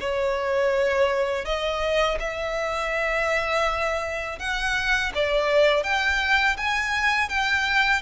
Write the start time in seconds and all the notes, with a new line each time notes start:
0.00 C#5
1.45 D#5
2.20 E5
4.39 F#5
5.15 D5
5.83 G5
6.57 G#5
7.29 G5